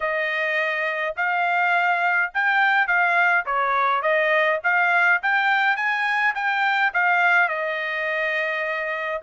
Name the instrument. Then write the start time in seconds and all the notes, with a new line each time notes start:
trumpet
0.00 D#5
1.16 F5
2.33 G5
2.87 F5
3.45 C#5
4.02 D#5
4.63 F5
5.22 G5
5.76 G#5
6.34 G5
6.93 F5
7.48 D#5